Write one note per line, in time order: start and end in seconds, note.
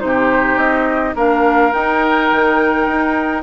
0.00 0.57 C3
0.00 1.14 D#4
0.00 0.57 C5
0.06 1.15 G4
0.57 1.14 C4
0.57 1.15 D#5
1.15 1.72 A#3
1.15 1.72 D4
1.15 3.43 A#4
1.15 1.73 F5
1.72 3.43 D#4
1.72 2.31 D#4
1.72 3.43 G5
2.32 2.87 D#3
2.87 3.43 D#4